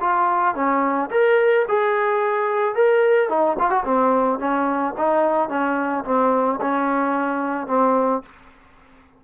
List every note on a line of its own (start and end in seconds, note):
0.00 0.55 F4
0.55 1.10 C#4
1.11 1.66 A#4
1.68 2.75 G#4
2.75 3.29 A#4
3.29 3.56 D#4
3.59 3.70 F4
3.70 3.84 F#4
3.84 4.39 C4
4.39 4.94 C#4
4.97 5.49 D#4
5.49 6.04 C#4
6.05 6.60 C4
6.61 7.67 C#4
7.67 8.22 C4